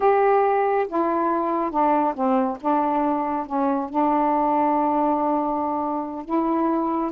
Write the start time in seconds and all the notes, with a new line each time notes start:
0.00 G4
0.88 E4
1.71 D4
2.14 C4
2.60 D4
3.46 C#4
3.89 D4
6.25 E4